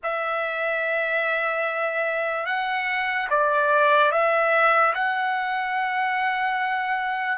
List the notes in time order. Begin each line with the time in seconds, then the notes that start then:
0.03 E5
2.45 F#5
3.30 D5
4.11 E5
4.94 F#5